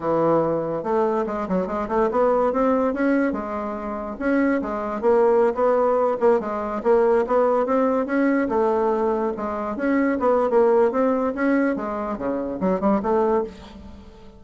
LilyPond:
\new Staff \with { instrumentName = "bassoon" } { \time 4/4 \tempo 4 = 143 e2 a4 gis8 fis8 | gis8 a8 b4 c'4 cis'4 | gis2 cis'4 gis4 | ais4~ ais16 b4. ais8 gis8.~ |
gis16 ais4 b4 c'4 cis'8.~ | cis'16 a2 gis4 cis'8.~ | cis'16 b8. ais4 c'4 cis'4 | gis4 cis4 fis8 g8 a4 | }